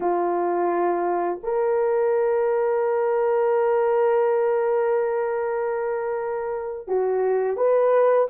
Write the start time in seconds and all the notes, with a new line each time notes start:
0.00 F4
1.43 A#4
6.87 F#4
7.57 B4